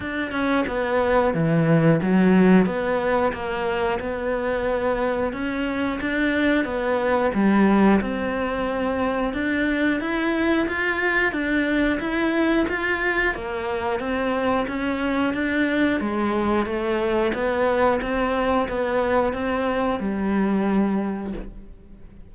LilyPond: \new Staff \with { instrumentName = "cello" } { \time 4/4 \tempo 4 = 90 d'8 cis'8 b4 e4 fis4 | b4 ais4 b2 | cis'4 d'4 b4 g4 | c'2 d'4 e'4 |
f'4 d'4 e'4 f'4 | ais4 c'4 cis'4 d'4 | gis4 a4 b4 c'4 | b4 c'4 g2 | }